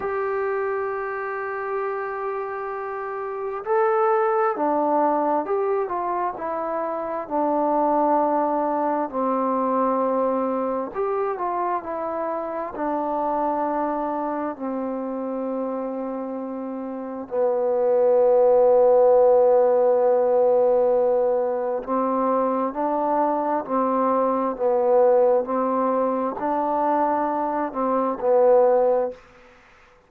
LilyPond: \new Staff \with { instrumentName = "trombone" } { \time 4/4 \tempo 4 = 66 g'1 | a'4 d'4 g'8 f'8 e'4 | d'2 c'2 | g'8 f'8 e'4 d'2 |
c'2. b4~ | b1 | c'4 d'4 c'4 b4 | c'4 d'4. c'8 b4 | }